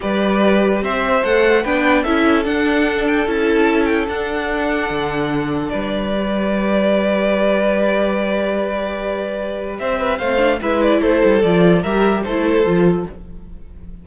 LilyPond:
<<
  \new Staff \with { instrumentName = "violin" } { \time 4/4 \tempo 4 = 147 d''2 e''4 fis''4 | g''4 e''4 fis''4. g''8 | a''4. g''8 fis''2~ | fis''2 d''2~ |
d''1~ | d''1 | e''4 f''4 e''8 d''8 c''4 | d''4 e''4 c''2 | }
  \new Staff \with { instrumentName = "violin" } { \time 4/4 b'2 c''2 | b'4 a'2.~ | a'1~ | a'2 b'2~ |
b'1~ | b'1 | c''8 b'8 c''4 b'4 a'4~ | a'4 ais'4 a'2 | }
  \new Staff \with { instrumentName = "viola" } { \time 4/4 g'2. a'4 | d'4 e'4 d'2 | e'2 d'2~ | d'2. g'4~ |
g'1~ | g'1~ | g'4 c'8 d'8 e'2 | f'4 g'4 e'4 f'4 | }
  \new Staff \with { instrumentName = "cello" } { \time 4/4 g2 c'4 a4 | b4 cis'4 d'2 | cis'2 d'2 | d2 g2~ |
g1~ | g1 | c'4 a4 gis4 a8 g8 | f4 g4 a4 f4 | }
>>